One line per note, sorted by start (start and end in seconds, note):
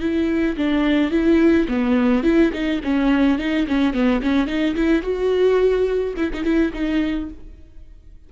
0.00 0.56 E4
0.56 1.11 D4
1.11 1.67 E4
1.68 2.23 B3
2.23 2.51 E4
2.53 2.81 D#4
2.83 3.38 C#4
3.38 3.66 D#4
3.67 3.93 C#4
3.93 4.21 B3
4.22 4.47 C#4
4.47 4.75 D#4
4.75 5.02 E4
5.02 6.14 F#4
6.16 6.30 E4
6.33 6.44 D#4
6.44 6.72 E4
6.73 7.29 D#4